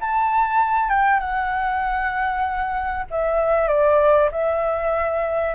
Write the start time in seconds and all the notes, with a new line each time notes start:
0.00 A5
0.89 G5
1.19 F#5
3.10 E5
3.67 D5
4.31 E5